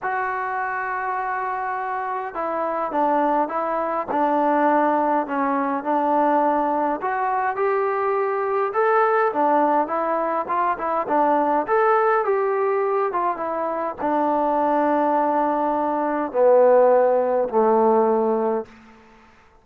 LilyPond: \new Staff \with { instrumentName = "trombone" } { \time 4/4 \tempo 4 = 103 fis'1 | e'4 d'4 e'4 d'4~ | d'4 cis'4 d'2 | fis'4 g'2 a'4 |
d'4 e'4 f'8 e'8 d'4 | a'4 g'4. f'8 e'4 | d'1 | b2 a2 | }